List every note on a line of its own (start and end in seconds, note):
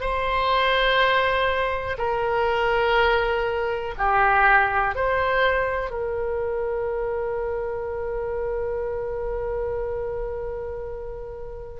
0.00 1.97 C5
1.98 3.94 A#4
3.97 4.95 G4
4.95 5.90 C5
5.90 11.80 A#4